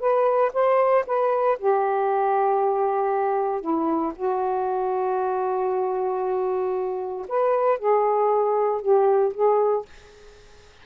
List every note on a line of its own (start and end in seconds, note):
0.00 0.52 B4
0.53 1.05 C5
1.07 1.58 B4
1.59 3.61 G4
3.61 4.13 E4
4.16 7.26 F#4
7.28 7.78 B4
7.78 8.82 G#4
8.82 9.33 G4
9.34 9.85 G#4